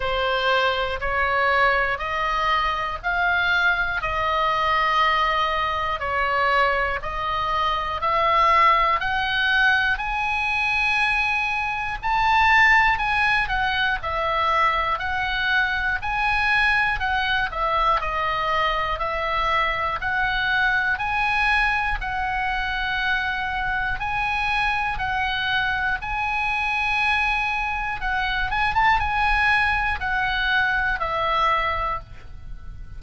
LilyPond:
\new Staff \with { instrumentName = "oboe" } { \time 4/4 \tempo 4 = 60 c''4 cis''4 dis''4 f''4 | dis''2 cis''4 dis''4 | e''4 fis''4 gis''2 | a''4 gis''8 fis''8 e''4 fis''4 |
gis''4 fis''8 e''8 dis''4 e''4 | fis''4 gis''4 fis''2 | gis''4 fis''4 gis''2 | fis''8 gis''16 a''16 gis''4 fis''4 e''4 | }